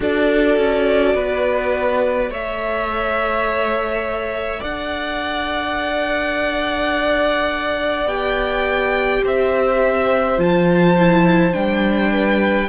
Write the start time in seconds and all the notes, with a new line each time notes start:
0.00 D4 F#4 A4 D5
0.57 C#4
1.14 B3 B4
2.29 A3 A4 C#5 E5
4.60 D4 D5 F#5
8.05 B3 G4 G5
9.24 C4 C5 E5
10.37 F3 F4 A5
10.99 E4
11.53 G3 D4 G5
12.11 B4